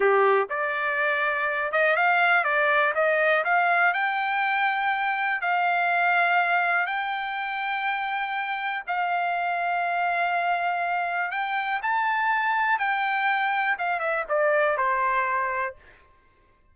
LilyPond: \new Staff \with { instrumentName = "trumpet" } { \time 4/4 \tempo 4 = 122 g'4 d''2~ d''8 dis''8 | f''4 d''4 dis''4 f''4 | g''2. f''4~ | f''2 g''2~ |
g''2 f''2~ | f''2. g''4 | a''2 g''2 | f''8 e''8 d''4 c''2 | }